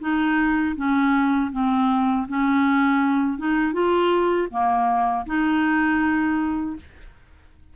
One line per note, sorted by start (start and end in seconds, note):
0.00 0.75 D#4
0.76 1.51 C#4
1.52 2.27 C4
2.28 3.38 C#4
3.38 3.73 D#4
3.73 4.48 F4
4.50 5.25 A#3
5.26 6.76 D#4